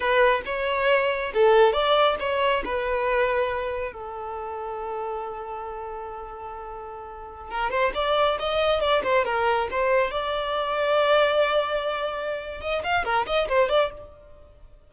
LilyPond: \new Staff \with { instrumentName = "violin" } { \time 4/4 \tempo 4 = 138 b'4 cis''2 a'4 | d''4 cis''4 b'2~ | b'4 a'2.~ | a'1~ |
a'4~ a'16 ais'8 c''8 d''4 dis''8.~ | dis''16 d''8 c''8 ais'4 c''4 d''8.~ | d''1~ | d''4 dis''8 f''8 ais'8 dis''8 c''8 d''8 | }